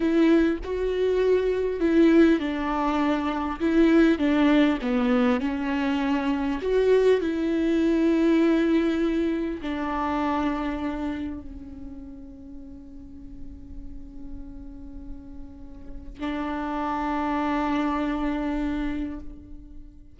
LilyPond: \new Staff \with { instrumentName = "viola" } { \time 4/4 \tempo 4 = 100 e'4 fis'2 e'4 | d'2 e'4 d'4 | b4 cis'2 fis'4 | e'1 |
d'2. cis'4~ | cis'1~ | cis'2. d'4~ | d'1 | }